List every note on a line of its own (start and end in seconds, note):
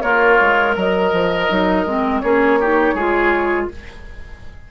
0.00 0.39 A#3
0.00 0.75 F4
0.00 1.46 A#4
0.00 0.75 C#5
0.41 0.76 G#3
0.75 1.12 F#3
0.75 2.21 A#4
0.75 2.20 D#5
1.12 1.49 F3
1.49 1.85 F#3
1.49 1.85 D#4
1.85 2.22 G#3
1.85 2.23 C4
2.20 2.94 A#3
2.20 2.60 C#4
2.20 2.59 G#4
2.20 3.66 C#5
2.60 2.98 D#4
2.60 2.94 G4
2.94 3.67 G#3
2.94 3.71 F4
2.94 3.68 G#4